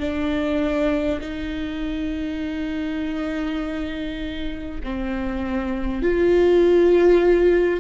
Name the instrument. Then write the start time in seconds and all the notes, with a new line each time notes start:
viola
0.00 D4
1.21 D#4
4.84 C4
6.03 F4